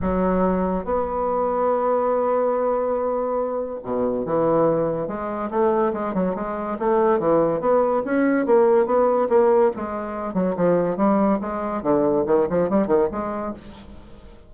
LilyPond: \new Staff \with { instrumentName = "bassoon" } { \time 4/4 \tempo 4 = 142 fis2 b2~ | b1~ | b4 b,4 e2 | gis4 a4 gis8 fis8 gis4 |
a4 e4 b4 cis'4 | ais4 b4 ais4 gis4~ | gis8 fis8 f4 g4 gis4 | d4 dis8 f8 g8 dis8 gis4 | }